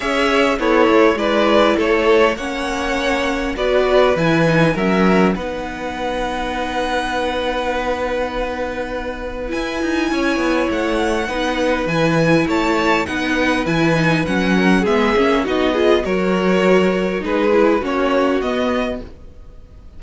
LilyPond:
<<
  \new Staff \with { instrumentName = "violin" } { \time 4/4 \tempo 4 = 101 e''4 cis''4 d''4 cis''4 | fis''2 d''4 gis''4 | e''4 fis''2.~ | fis''1 |
gis''2 fis''2 | gis''4 a''4 fis''4 gis''4 | fis''4 e''4 dis''4 cis''4~ | cis''4 b'4 cis''4 dis''4 | }
  \new Staff \with { instrumentName = "violin" } { \time 4/4 cis''4 e'4 b'4 a'4 | cis''2 b'2 | ais'4 b'2.~ | b'1~ |
b'4 cis''2 b'4~ | b'4 cis''4 b'2~ | b'8 ais'8 gis'4 fis'8 gis'8 ais'4~ | ais'4 gis'4 fis'2 | }
  \new Staff \with { instrumentName = "viola" } { \time 4/4 gis'4 a'4 e'2 | cis'2 fis'4 e'8 dis'8 | cis'4 dis'2.~ | dis'1 |
e'2. dis'4 | e'2 dis'4 e'8 dis'8 | cis'4 b8 cis'8 dis'8 f'8 fis'4~ | fis'4 dis'8 e'8 cis'4 b4 | }
  \new Staff \with { instrumentName = "cello" } { \time 4/4 cis'4 b8 a8 gis4 a4 | ais2 b4 e4 | fis4 b2.~ | b1 |
e'8 dis'8 cis'8 b8 a4 b4 | e4 a4 b4 e4 | fis4 gis8 ais8 b4 fis4~ | fis4 gis4 ais4 b4 | }
>>